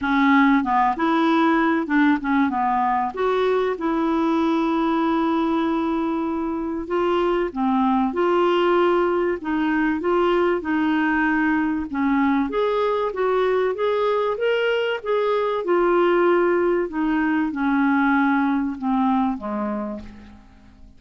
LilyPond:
\new Staff \with { instrumentName = "clarinet" } { \time 4/4 \tempo 4 = 96 cis'4 b8 e'4. d'8 cis'8 | b4 fis'4 e'2~ | e'2. f'4 | c'4 f'2 dis'4 |
f'4 dis'2 cis'4 | gis'4 fis'4 gis'4 ais'4 | gis'4 f'2 dis'4 | cis'2 c'4 gis4 | }